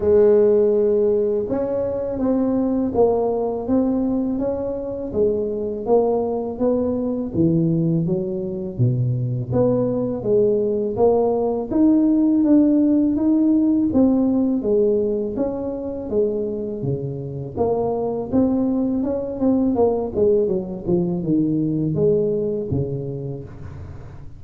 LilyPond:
\new Staff \with { instrumentName = "tuba" } { \time 4/4 \tempo 4 = 82 gis2 cis'4 c'4 | ais4 c'4 cis'4 gis4 | ais4 b4 e4 fis4 | b,4 b4 gis4 ais4 |
dis'4 d'4 dis'4 c'4 | gis4 cis'4 gis4 cis4 | ais4 c'4 cis'8 c'8 ais8 gis8 | fis8 f8 dis4 gis4 cis4 | }